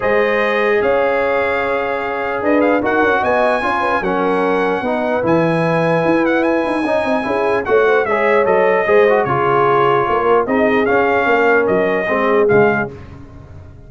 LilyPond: <<
  \new Staff \with { instrumentName = "trumpet" } { \time 4/4 \tempo 4 = 149 dis''2 f''2~ | f''2 dis''8 f''8 fis''4 | gis''2 fis''2~ | fis''4 gis''2~ gis''8 fis''8 |
gis''2. fis''4 | e''4 dis''2 cis''4~ | cis''2 dis''4 f''4~ | f''4 dis''2 f''4 | }
  \new Staff \with { instrumentName = "horn" } { \time 4/4 c''2 cis''2~ | cis''2 b'4 ais'4 | dis''4 cis''8 b'8 ais'2 | b'1~ |
b'4 dis''4 gis'4 cis''8 c''8 | cis''2 c''4 gis'4~ | gis'4 ais'4 gis'2 | ais'2 gis'2 | }
  \new Staff \with { instrumentName = "trombone" } { \time 4/4 gis'1~ | gis'2. fis'4~ | fis'4 f'4 cis'2 | dis'4 e'2.~ |
e'4 dis'4 e'4 fis'4 | gis'4 a'4 gis'8 fis'8 f'4~ | f'2 dis'4 cis'4~ | cis'2 c'4 gis4 | }
  \new Staff \with { instrumentName = "tuba" } { \time 4/4 gis2 cis'2~ | cis'2 d'4 dis'8 cis'8 | b4 cis'4 fis2 | b4 e2 e'4~ |
e'8 dis'8 cis'8 c'8 cis'4 a4 | gis4 fis4 gis4 cis4~ | cis4 ais4 c'4 cis'4 | ais4 fis4 gis4 cis4 | }
>>